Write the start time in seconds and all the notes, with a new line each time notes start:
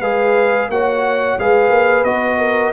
0.00 G#3 G#4 B4 F5
0.69 A#3 F#4 C#5 F#5
1.38 G#3 G#4 B4 F5
1.69 A#3
2.04 B3 F#4 D#5
2.39 A#4